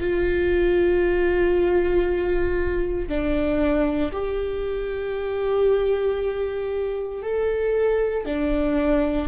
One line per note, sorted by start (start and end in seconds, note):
0.00 3.08 F4
3.08 4.12 D4
4.12 7.22 G4
7.22 8.25 A4
8.25 9.28 D4